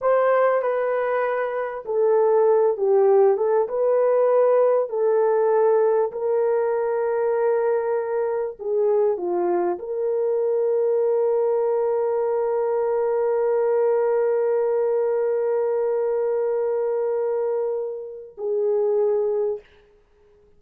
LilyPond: \new Staff \with { instrumentName = "horn" } { \time 4/4 \tempo 4 = 98 c''4 b'2 a'4~ | a'8 g'4 a'8 b'2 | a'2 ais'2~ | ais'2 gis'4 f'4 |
ais'1~ | ais'1~ | ais'1~ | ais'2 gis'2 | }